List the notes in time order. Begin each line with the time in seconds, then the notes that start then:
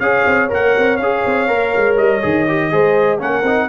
0.00 C#4 G#4 C#5 F5
0.27 C4
0.49 A#3 A#4 F#5
0.78 C4
0.97 C#4 G#4 F5
1.26 C4
1.47 A#3 A#4
1.76 G#3
1.97 G3 D#5
2.22 D#3 G#4
2.48 G4
2.71 G#3 G#4 C5
3.18 A#3 C#4 A#4 F#5
3.43 C4 D#4